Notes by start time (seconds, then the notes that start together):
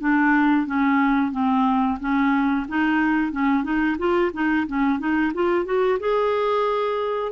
0.00 D4
0.67 C#4
1.32 C4
2.00 C#4
2.69 D#4
3.32 C#4
3.64 D#4
3.98 F4
4.34 D#4
4.68 C#4
4.99 D#4
5.34 F4
5.65 F#4
6.00 G#4